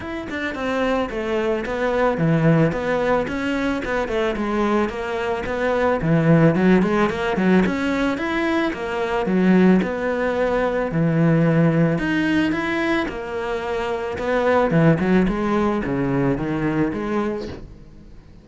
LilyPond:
\new Staff \with { instrumentName = "cello" } { \time 4/4 \tempo 4 = 110 e'8 d'8 c'4 a4 b4 | e4 b4 cis'4 b8 a8 | gis4 ais4 b4 e4 | fis8 gis8 ais8 fis8 cis'4 e'4 |
ais4 fis4 b2 | e2 dis'4 e'4 | ais2 b4 e8 fis8 | gis4 cis4 dis4 gis4 | }